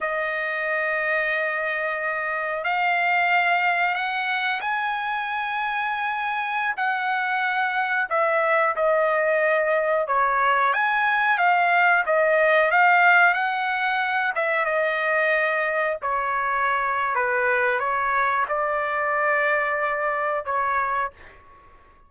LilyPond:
\new Staff \with { instrumentName = "trumpet" } { \time 4/4 \tempo 4 = 91 dis''1 | f''2 fis''4 gis''4~ | gis''2~ gis''16 fis''4.~ fis''16~ | fis''16 e''4 dis''2 cis''8.~ |
cis''16 gis''4 f''4 dis''4 f''8.~ | f''16 fis''4. e''8 dis''4.~ dis''16~ | dis''16 cis''4.~ cis''16 b'4 cis''4 | d''2. cis''4 | }